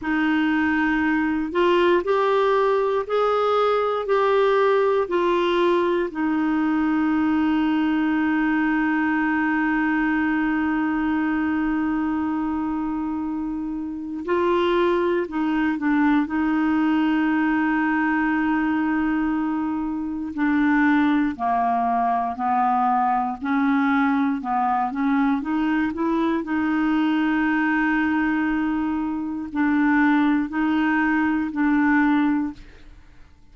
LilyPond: \new Staff \with { instrumentName = "clarinet" } { \time 4/4 \tempo 4 = 59 dis'4. f'8 g'4 gis'4 | g'4 f'4 dis'2~ | dis'1~ | dis'2 f'4 dis'8 d'8 |
dis'1 | d'4 ais4 b4 cis'4 | b8 cis'8 dis'8 e'8 dis'2~ | dis'4 d'4 dis'4 d'4 | }